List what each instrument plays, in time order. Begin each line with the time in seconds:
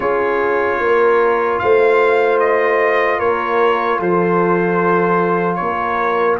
0.00 tuba C#4, trombone F4, horn G#4, trumpet C#5
0.79 tuba A#3, horn A#4
1.58 tuba A3, horn C5, trumpet F5
2.39 trumpet D#5
3.18 tuba A#3, horn A#4, trumpet C#5
3.99 tuba F3, horn A4, trumpet C5
5.55 tuba A#3, horn A#4, trumpet C#5